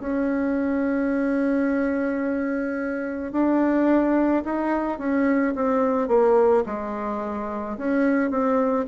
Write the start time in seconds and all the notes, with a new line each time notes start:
0.00 C#4
3.32 D4
4.44 D#4
4.98 C#4
5.55 C4
6.08 A#3
6.66 G#3
7.78 C#4
8.30 C4